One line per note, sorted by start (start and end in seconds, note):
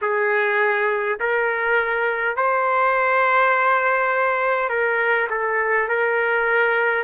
0.01 1.19 G#4
1.20 2.36 A#4
2.36 4.68 C5
4.68 5.27 A#4
5.29 5.88 A4
5.88 7.03 A#4